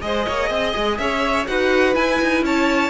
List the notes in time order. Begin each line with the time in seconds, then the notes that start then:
0.00 G#3 G#4 C5 D#5
0.25 A#3 C#5
0.49 C4 D#5
0.76 G#3
0.97 C#4 C#5 E5
1.47 D#4 F#4 B4 F#5
1.93 E4 G#5
2.22 D#4
2.42 C#4 C#5 A5